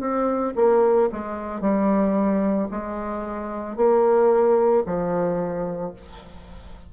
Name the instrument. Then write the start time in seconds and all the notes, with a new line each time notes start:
bassoon
0.00 C4
0.56 A#3
1.12 G#3
1.61 G3
2.70 G#3
3.76 A#3
4.86 F3